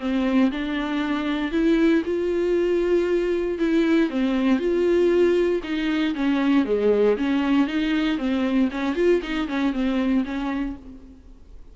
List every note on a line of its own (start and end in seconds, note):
0.00 0.51 C4
0.52 1.52 D4
1.52 2.03 E4
2.05 3.59 F4
3.59 4.10 E4
4.10 4.59 C4
4.59 5.62 F4
5.64 6.15 D#4
6.15 6.66 C#4
6.66 7.17 G#3
7.18 7.67 C#4
7.67 8.18 D#4
8.18 8.70 C4
8.72 8.96 C#4
8.96 9.21 F4
9.23 9.48 D#4
9.48 9.73 C#4
9.73 10.24 C4
10.25 10.76 C#4